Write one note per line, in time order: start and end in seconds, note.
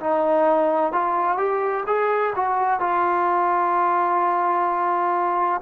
0.00 0.92 D#4
0.92 1.37 F4
1.37 1.84 G4
1.87 2.34 G#4
2.36 2.80 F#4
2.80 5.61 F4